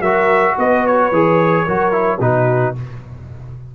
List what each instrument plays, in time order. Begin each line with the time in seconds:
0.00 tuba F#3, trombone F#4, horn A#4, trumpet E5
0.58 tuba B3, horn B4, trumpet D#5
0.86 trumpet C#5
1.11 tuba E3, trombone G#4
1.64 tuba F#3, trombone F#4, horn A#4
1.91 trombone E4
2.20 tuba B2, trombone D#4, horn F#4, trumpet B4